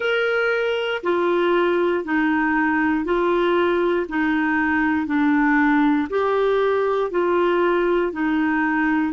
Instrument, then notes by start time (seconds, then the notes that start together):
clarinet
0.00 A#4
1.03 F4
2.04 D#4
3.05 F4
4.08 D#4
5.06 D4
6.09 G4
7.10 F4
8.12 D#4